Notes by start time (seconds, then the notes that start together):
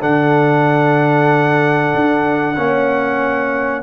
0.00 D3 D4 A4 F#5
1.95 D4
2.57 A#3 C#4 C#5